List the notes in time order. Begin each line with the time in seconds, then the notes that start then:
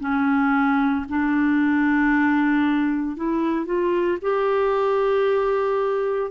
0.00 C#4
1.09 D4
3.16 E4
3.66 F4
4.22 G4